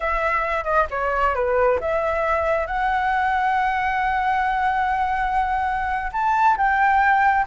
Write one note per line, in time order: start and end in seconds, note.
0.00 0.64 E5
0.64 0.86 D#5
0.90 1.34 C#5
1.34 1.79 B4
1.80 2.66 E5
2.66 6.11 F#5
6.12 6.56 A5
6.57 7.46 G5